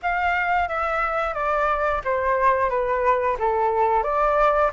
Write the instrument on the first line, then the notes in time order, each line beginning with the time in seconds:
flute
0.02 F5
0.68 E5
1.34 D5
2.04 C5
2.69 B4
3.39 A4
4.03 D5